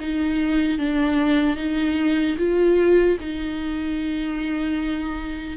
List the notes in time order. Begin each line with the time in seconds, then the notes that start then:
0.00 D#4
0.79 D4
1.57 D#4
2.38 F4
3.20 D#4